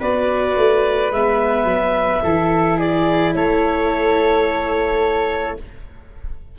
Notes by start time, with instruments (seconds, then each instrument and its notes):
0.00 tuba B3, viola F#4, flute B4, clarinet D5
0.57 tuba A3
1.11 tuba G#3, viola B3, clarinet E5
1.64 tuba F#3
2.23 tuba E3, viola E4, flute A4
2.77 flute G#4, clarinet D5
3.35 tuba A3, flute A4, clarinet C#5